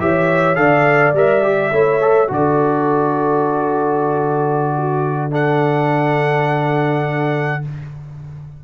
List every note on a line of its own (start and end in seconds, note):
0.00 0.56 E3
0.00 0.56 G4
0.00 0.60 C#5
0.00 0.56 E5
0.56 1.13 D3
0.56 1.13 A4
0.56 1.73 D5
0.56 1.13 F5
1.13 1.71 G3
1.13 1.43 A#4
1.13 2.33 E5
1.43 1.72 G4
1.72 2.30 A3
1.72 2.02 E4
1.72 2.31 C#5
2.02 2.28 A4
2.28 7.65 D3
2.28 5.31 F#4
2.28 4.76 A4
2.28 5.34 D5
4.76 5.31 F#4
5.31 7.62 D4
5.31 7.62 A4
5.31 7.65 F#5